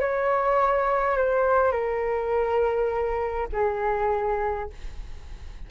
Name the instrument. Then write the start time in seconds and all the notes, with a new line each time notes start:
flute
0.00 C#5
1.17 C5
1.72 A#4
3.52 G#4